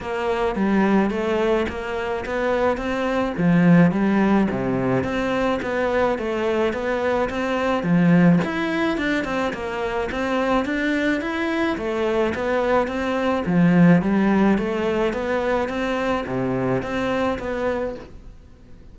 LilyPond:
\new Staff \with { instrumentName = "cello" } { \time 4/4 \tempo 4 = 107 ais4 g4 a4 ais4 | b4 c'4 f4 g4 | c4 c'4 b4 a4 | b4 c'4 f4 e'4 |
d'8 c'8 ais4 c'4 d'4 | e'4 a4 b4 c'4 | f4 g4 a4 b4 | c'4 c4 c'4 b4 | }